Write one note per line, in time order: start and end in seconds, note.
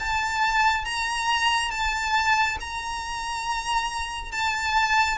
0.00 0.85 A5
0.85 1.71 A#5
1.71 2.58 A5
2.60 4.32 A#5
4.32 5.18 A5